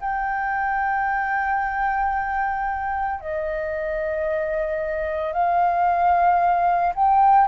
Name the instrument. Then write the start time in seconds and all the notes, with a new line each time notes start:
flute
0.00 G5
3.20 D#5
5.32 F5
6.94 G5